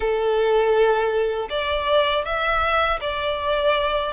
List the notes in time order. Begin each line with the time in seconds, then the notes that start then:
0.00 A4
1.49 D5
2.24 E5
3.00 D5